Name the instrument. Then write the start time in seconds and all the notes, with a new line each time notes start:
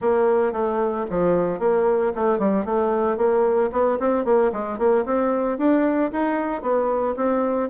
bassoon
0.01 A#3
0.52 A3
1.10 F3
1.59 A#3
2.15 A3
2.38 G3
2.65 A3
3.17 A#3
3.72 B3
3.99 C4
4.25 A#3
4.52 G#3
4.78 A#3
5.05 C4
5.58 D4
6.12 D#4
6.62 B3
7.16 C4